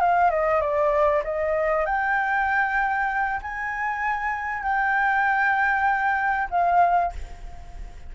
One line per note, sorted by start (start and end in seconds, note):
0.00 0.30 F5
0.30 0.60 D#5
0.60 1.22 D5
1.23 1.85 D#5
1.85 3.40 G5
3.42 4.63 G#5
4.63 6.48 G5
6.50 7.12 F5